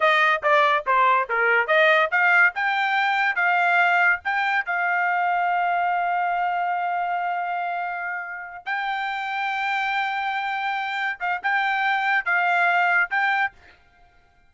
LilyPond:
\new Staff \with { instrumentName = "trumpet" } { \time 4/4 \tempo 4 = 142 dis''4 d''4 c''4 ais'4 | dis''4 f''4 g''2 | f''2 g''4 f''4~ | f''1~ |
f''1~ | f''8 g''2.~ g''8~ | g''2~ g''8 f''8 g''4~ | g''4 f''2 g''4 | }